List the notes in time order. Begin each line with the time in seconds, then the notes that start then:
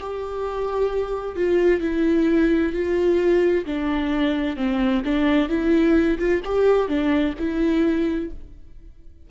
0.00 G4
1.36 F4
1.81 E4
2.73 F4
3.66 D4
4.57 C4
5.05 D4
5.49 E4
6.18 F4
6.45 G4
6.88 D4
7.38 E4